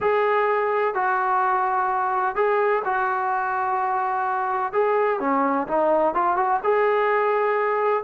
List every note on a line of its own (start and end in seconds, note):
0.00 0.94 G#4
0.94 2.35 F#4
2.35 2.82 G#4
2.84 4.72 F#4
4.72 5.20 G#4
5.20 5.67 C#4
5.67 6.14 D#4
6.14 6.36 F4
6.36 6.60 F#4
6.63 8.03 G#4